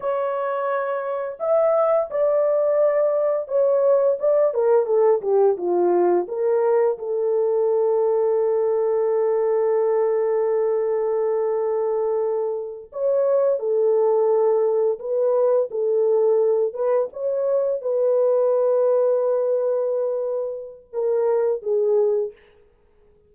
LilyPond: \new Staff \with { instrumentName = "horn" } { \time 4/4 \tempo 4 = 86 cis''2 e''4 d''4~ | d''4 cis''4 d''8 ais'8 a'8 g'8 | f'4 ais'4 a'2~ | a'1~ |
a'2~ a'8 cis''4 a'8~ | a'4. b'4 a'4. | b'8 cis''4 b'2~ b'8~ | b'2 ais'4 gis'4 | }